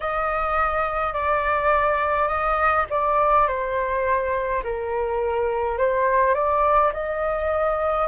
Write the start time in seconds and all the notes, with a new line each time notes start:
0.00 D#5
1.13 D5
2.28 D#5
2.90 D5
3.47 C5
4.63 A#4
5.77 C5
6.34 D5
6.93 D#5